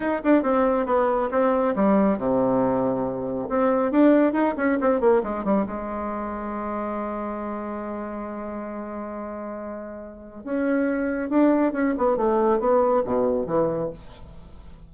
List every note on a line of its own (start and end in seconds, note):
0.00 0.21 D#4
0.24 0.42 D4
0.42 0.86 C4
0.86 1.29 B3
1.31 1.74 C4
1.75 2.17 G3
2.17 3.48 C3
3.49 3.91 C4
3.91 4.32 D4
4.32 4.54 D#4
4.56 4.78 C#4
4.80 5.00 C4
5.00 5.22 A#3
5.23 5.44 G#3
5.44 5.66 G3
5.66 10.43 G#3
10.43 11.29 C#4
11.29 11.72 D4
11.72 11.94 C#4
11.97 12.16 B3
12.16 12.59 A3
12.59 13.03 B3
13.04 13.46 B2
13.46 13.90 E3